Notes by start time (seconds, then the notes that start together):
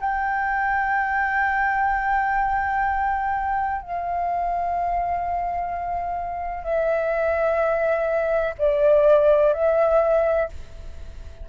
0.00 G5
3.81 F5
6.63 E5
8.58 D5
9.53 E5